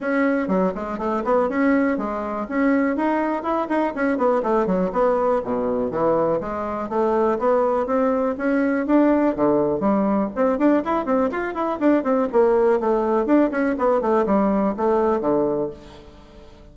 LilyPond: \new Staff \with { instrumentName = "bassoon" } { \time 4/4 \tempo 4 = 122 cis'4 fis8 gis8 a8 b8 cis'4 | gis4 cis'4 dis'4 e'8 dis'8 | cis'8 b8 a8 fis8 b4 b,4 | e4 gis4 a4 b4 |
c'4 cis'4 d'4 d4 | g4 c'8 d'8 e'8 c'8 f'8 e'8 | d'8 c'8 ais4 a4 d'8 cis'8 | b8 a8 g4 a4 d4 | }